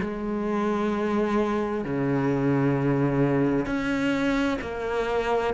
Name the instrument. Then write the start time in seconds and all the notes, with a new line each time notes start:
cello
0.00 G#3
1.85 C#3
3.66 C#4
4.62 A#3